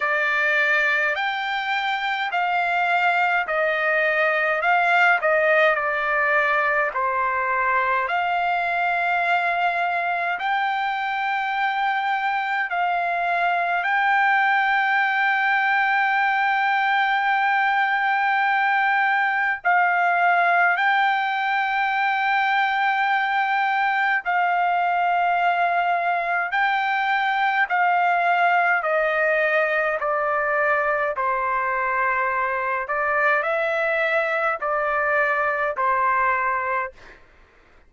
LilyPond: \new Staff \with { instrumentName = "trumpet" } { \time 4/4 \tempo 4 = 52 d''4 g''4 f''4 dis''4 | f''8 dis''8 d''4 c''4 f''4~ | f''4 g''2 f''4 | g''1~ |
g''4 f''4 g''2~ | g''4 f''2 g''4 | f''4 dis''4 d''4 c''4~ | c''8 d''8 e''4 d''4 c''4 | }